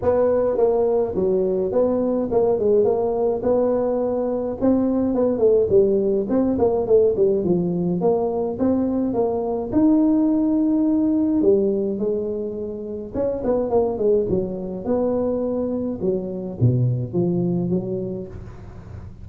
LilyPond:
\new Staff \with { instrumentName = "tuba" } { \time 4/4 \tempo 4 = 105 b4 ais4 fis4 b4 | ais8 gis8 ais4 b2 | c'4 b8 a8 g4 c'8 ais8 | a8 g8 f4 ais4 c'4 |
ais4 dis'2. | g4 gis2 cis'8 b8 | ais8 gis8 fis4 b2 | fis4 b,4 f4 fis4 | }